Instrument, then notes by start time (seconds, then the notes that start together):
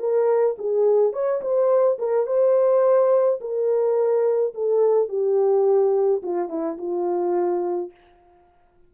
horn
0.00 A#4
0.59 G#4
1.13 C#5
1.42 C5
1.99 A#4
2.27 C5
3.41 A#4
4.55 A4
5.09 G4
6.23 F4
6.50 E4
6.78 F4